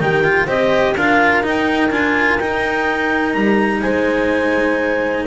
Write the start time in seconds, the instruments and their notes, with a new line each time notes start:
0.00 double bass D#3, cello D#4, horn G4, clarinet G5
0.24 cello F4
0.46 double bass C4, cello G4, horn C5, clarinet D#5
0.97 double bass D4, cello F4, horn A#4, clarinet F5
1.44 cello D#4, double bass D#4, clarinet G5
1.91 double bass D4, cello F4, clarinet G#5
2.39 double bass D#4, cello D#4, clarinet G5
3.33 double bass G3, clarinet A#5
3.81 double bass G#3, horn C5, clarinet G#5